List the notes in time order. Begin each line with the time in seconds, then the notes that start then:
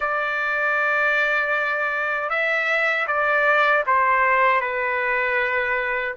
0.00 D5
2.29 E5
3.07 D5
3.86 C5
4.60 B4